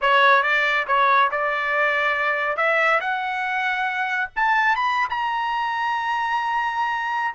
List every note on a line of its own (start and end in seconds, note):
0.01 0.42 C#5
0.42 0.86 D5
0.87 1.30 C#5
1.31 2.56 D5
2.56 2.99 E5
3.00 4.30 F#5
4.35 4.75 A5
4.75 5.08 B5
5.09 7.34 A#5